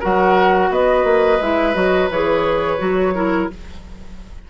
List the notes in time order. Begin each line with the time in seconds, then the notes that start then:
0.00 F#3 F#4 A#4 F#5
0.70 B3 B4 D#5
1.04 A#3
1.41 G#3 E4 E5
1.74 F#3 F#4 D#5
2.10 E3 G#4 C#5
2.78 F#3 F#4
3.15 E4 A#4